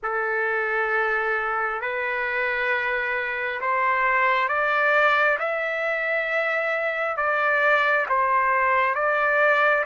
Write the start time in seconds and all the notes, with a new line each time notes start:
0.02 A4
1.81 B4
3.60 C5
4.48 D5
5.39 E5
7.16 D5
8.08 C5
8.94 D5